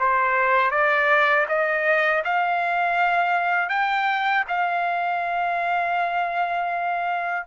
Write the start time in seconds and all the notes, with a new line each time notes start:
0.00 C5
0.71 D5
1.49 D#5
2.25 F5
3.70 G5
4.48 F5